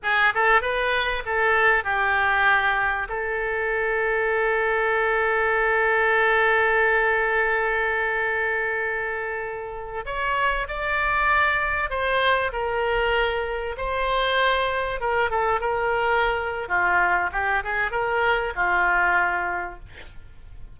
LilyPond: \new Staff \with { instrumentName = "oboe" } { \time 4/4 \tempo 4 = 97 gis'8 a'8 b'4 a'4 g'4~ | g'4 a'2.~ | a'1~ | a'1~ |
a'16 cis''4 d''2 c''8.~ | c''16 ais'2 c''4.~ c''16~ | c''16 ais'8 a'8 ais'4.~ ais'16 f'4 | g'8 gis'8 ais'4 f'2 | }